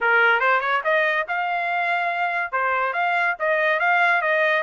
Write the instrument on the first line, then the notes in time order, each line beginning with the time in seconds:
trumpet
0.00 A#4
0.40 C5
0.60 C#5
0.84 D#5
1.28 F5
2.51 C5
2.93 F5
3.39 D#5
3.79 F5
4.21 D#5